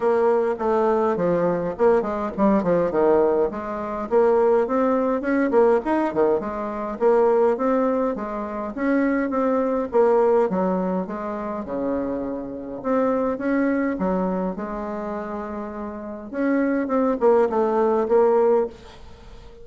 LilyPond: \new Staff \with { instrumentName = "bassoon" } { \time 4/4 \tempo 4 = 103 ais4 a4 f4 ais8 gis8 | g8 f8 dis4 gis4 ais4 | c'4 cis'8 ais8 dis'8 dis8 gis4 | ais4 c'4 gis4 cis'4 |
c'4 ais4 fis4 gis4 | cis2 c'4 cis'4 | fis4 gis2. | cis'4 c'8 ais8 a4 ais4 | }